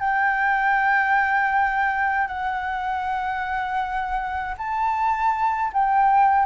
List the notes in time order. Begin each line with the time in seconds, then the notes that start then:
0.00 G5
2.28 F#5
4.58 A5
5.73 G5